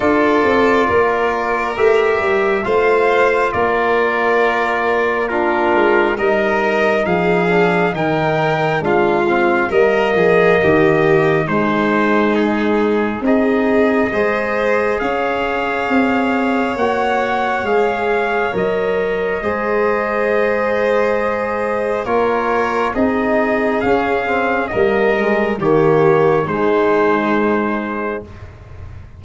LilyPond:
<<
  \new Staff \with { instrumentName = "trumpet" } { \time 4/4 \tempo 4 = 68 d''2 e''4 f''4 | d''2 ais'4 dis''4 | f''4 g''4 f''4 dis''4~ | dis''4 c''4 gis'4 dis''4~ |
dis''4 f''2 fis''4 | f''4 dis''2.~ | dis''4 cis''4 dis''4 f''4 | dis''4 cis''4 c''2 | }
  \new Staff \with { instrumentName = "violin" } { \time 4/4 a'4 ais'2 c''4 | ais'2 f'4 ais'4 | gis'4 ais'4 f'4 ais'8 gis'8 | g'4 dis'2 gis'4 |
c''4 cis''2.~ | cis''2 c''2~ | c''4 ais'4 gis'2 | ais'4 g'4 dis'2 | }
  \new Staff \with { instrumentName = "trombone" } { \time 4/4 f'2 g'4 f'4~ | f'2 d'4 dis'4~ | dis'8 d'8 dis'4 d'8 c'8 ais4~ | ais4 gis2 dis'4 |
gis'2. fis'4 | gis'4 ais'4 gis'2~ | gis'4 f'4 dis'4 cis'8 c'8 | ais8 gis8 ais4 gis2 | }
  \new Staff \with { instrumentName = "tuba" } { \time 4/4 d'8 c'8 ais4 a8 g8 a4 | ais2~ ais8 gis8 g4 | f4 dis4 gis4 g8 f8 | dis4 gis2 c'4 |
gis4 cis'4 c'4 ais4 | gis4 fis4 gis2~ | gis4 ais4 c'4 cis'4 | g4 dis4 gis2 | }
>>